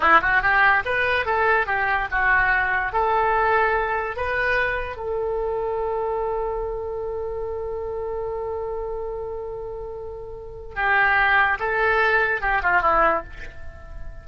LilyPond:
\new Staff \with { instrumentName = "oboe" } { \time 4/4 \tempo 4 = 145 e'8 fis'8 g'4 b'4 a'4 | g'4 fis'2 a'4~ | a'2 b'2 | a'1~ |
a'1~ | a'1~ | a'2 g'2 | a'2 g'8 f'8 e'4 | }